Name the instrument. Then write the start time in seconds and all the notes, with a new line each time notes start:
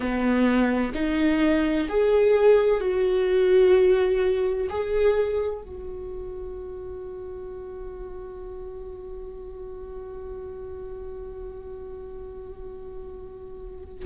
viola
0.00 B3
0.94 D#4
1.88 G#4
2.80 F#4
4.69 G#4
5.62 F#4